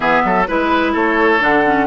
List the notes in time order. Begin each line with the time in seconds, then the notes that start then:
0.00 E3 B3 G#4 E5
0.24 F#3 A4
0.47 G#3 E4 B4
0.92 A3 A4 C#5
1.39 D3 D4 F#5
1.65 C#4